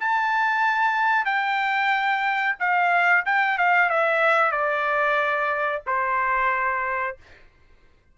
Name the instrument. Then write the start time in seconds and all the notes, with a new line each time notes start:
trumpet
0.00 A5
1.25 G5
2.60 F5
3.26 G5
3.58 F5
3.90 E5
4.52 D5
5.87 C5